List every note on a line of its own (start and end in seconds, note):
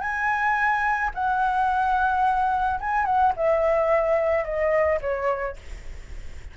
0.00 1.10 G#5
1.14 2.79 F#5
2.80 3.05 G#5
3.05 3.32 F#5
3.36 4.44 E5
4.44 4.99 D#5
5.01 5.56 C#5